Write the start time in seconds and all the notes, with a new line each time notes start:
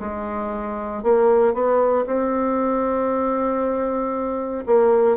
0.00 G#3
1.03 A#3
1.54 B3
2.06 C4
4.66 A#3